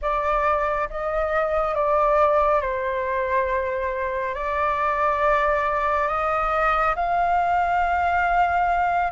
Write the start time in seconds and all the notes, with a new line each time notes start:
0.01 D5
0.90 D#5
1.74 D5
2.61 C5
4.34 D5
6.08 D#5
6.95 F5